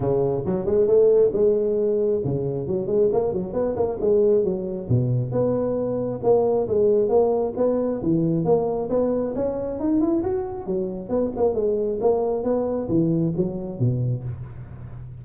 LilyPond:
\new Staff \with { instrumentName = "tuba" } { \time 4/4 \tempo 4 = 135 cis4 fis8 gis8 a4 gis4~ | gis4 cis4 fis8 gis8 ais8 fis8 | b8 ais8 gis4 fis4 b,4 | b2 ais4 gis4 |
ais4 b4 e4 ais4 | b4 cis'4 dis'8 e'8 fis'4 | fis4 b8 ais8 gis4 ais4 | b4 e4 fis4 b,4 | }